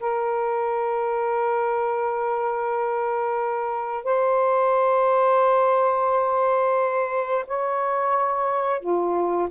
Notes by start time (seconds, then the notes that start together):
0.00 A#4
4.04 C5
7.47 C#5
8.80 F4